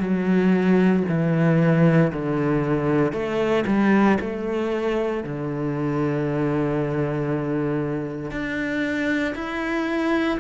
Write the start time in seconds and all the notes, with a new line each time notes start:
0.00 F#3
1.09 E3
2.13 D3
3.13 A3
3.67 G3
4.20 A3
5.24 D3
8.31 D4
9.35 E4